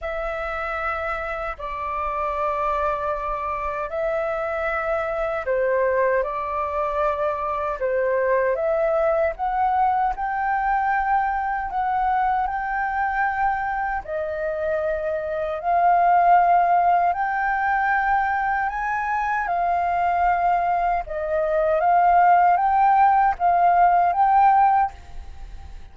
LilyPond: \new Staff \with { instrumentName = "flute" } { \time 4/4 \tempo 4 = 77 e''2 d''2~ | d''4 e''2 c''4 | d''2 c''4 e''4 | fis''4 g''2 fis''4 |
g''2 dis''2 | f''2 g''2 | gis''4 f''2 dis''4 | f''4 g''4 f''4 g''4 | }